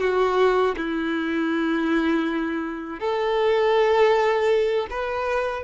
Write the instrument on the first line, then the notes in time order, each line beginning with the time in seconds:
violin
0.00 F#4
0.76 E4
2.99 A4
4.90 B4